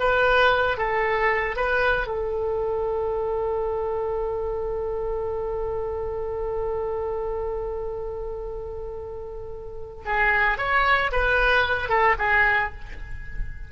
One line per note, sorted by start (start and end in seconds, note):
0.00 0.78 B4
0.78 1.57 A4
1.57 2.07 B4
2.07 10.04 A4
10.06 10.58 G#4
10.58 11.11 C#5
11.12 11.89 B4
11.89 12.16 A4
12.19 12.72 G#4